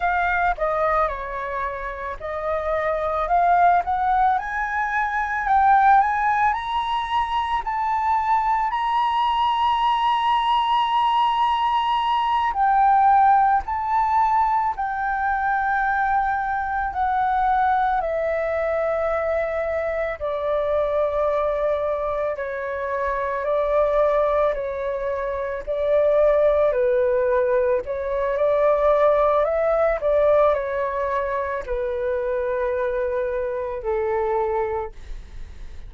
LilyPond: \new Staff \with { instrumentName = "flute" } { \time 4/4 \tempo 4 = 55 f''8 dis''8 cis''4 dis''4 f''8 fis''8 | gis''4 g''8 gis''8 ais''4 a''4 | ais''2.~ ais''8 g''8~ | g''8 a''4 g''2 fis''8~ |
fis''8 e''2 d''4.~ | d''8 cis''4 d''4 cis''4 d''8~ | d''8 b'4 cis''8 d''4 e''8 d''8 | cis''4 b'2 a'4 | }